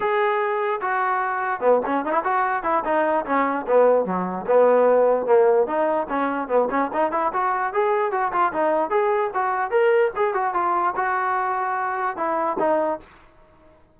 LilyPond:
\new Staff \with { instrumentName = "trombone" } { \time 4/4 \tempo 4 = 148 gis'2 fis'2 | b8 cis'8 dis'16 e'16 fis'4 e'8 dis'4 | cis'4 b4 fis4 b4~ | b4 ais4 dis'4 cis'4 |
b8 cis'8 dis'8 e'8 fis'4 gis'4 | fis'8 f'8 dis'4 gis'4 fis'4 | ais'4 gis'8 fis'8 f'4 fis'4~ | fis'2 e'4 dis'4 | }